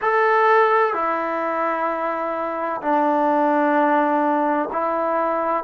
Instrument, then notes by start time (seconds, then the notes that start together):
trombone
0.01 A4
0.93 E4
2.81 D4
4.72 E4